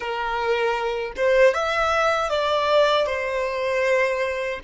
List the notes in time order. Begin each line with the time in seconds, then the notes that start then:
0.00 A#4
1.16 C5
1.54 E5
2.29 D5
3.06 C5